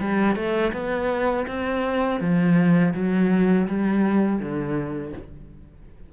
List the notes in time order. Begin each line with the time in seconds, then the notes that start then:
0.00 G3
0.36 A3
0.73 B3
1.47 C4
2.21 F3
2.94 F#3
3.68 G3
4.39 D3